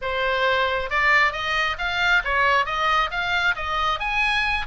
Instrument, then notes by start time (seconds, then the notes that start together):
oboe
0.01 C5
0.89 D5
1.32 D#5
1.78 F5
2.24 C#5
2.65 D#5
3.11 F5
3.55 D#5
3.99 G#5